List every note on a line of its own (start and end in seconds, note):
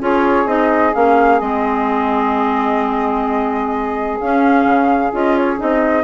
0.00 0.46 C#4
0.00 0.47 F4
0.00 6.04 G#4
0.00 0.48 C#5
0.46 0.93 C4
0.46 0.93 D#4
0.46 0.94 D#5
0.94 1.41 A#3
0.94 1.41 C#4
0.94 1.40 F5
1.40 4.20 G#3
1.40 4.20 C4
1.40 4.19 D#5
4.20 4.65 C#4
4.20 5.12 C#4
4.20 5.13 F5
4.65 5.11 C#3
5.12 5.60 C#4
5.12 5.57 F4
5.12 5.37 D#5
5.37 5.60 C#5
5.57 6.04 C4
5.57 6.03 D#4
5.57 6.04 D#5